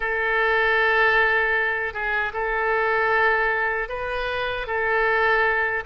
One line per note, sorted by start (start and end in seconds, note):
0.00 1.93 A4
1.93 2.32 G#4
2.33 3.89 A4
3.89 4.66 B4
4.66 5.83 A4